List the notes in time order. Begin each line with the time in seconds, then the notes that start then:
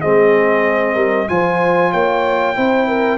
0.00 G#3 C4 G#4 D#5
0.95 G3 A#4
1.28 F3 F4 C5 G#5
1.92 A#3 C#5 G5
2.56 C4 E4 C5
2.87 A#4